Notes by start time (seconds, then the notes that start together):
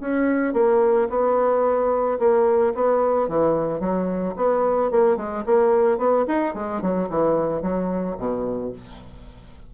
0.00 C#4
0.53 A#3
1.09 B3
2.19 A#3
2.74 B3
3.28 E3
3.80 F#3
4.36 B3
4.91 A#3
5.17 G#3
5.46 A#3
5.98 B3
6.27 D#4
6.54 G#3
6.82 F#3
7.09 E3
7.62 F#3
8.18 B2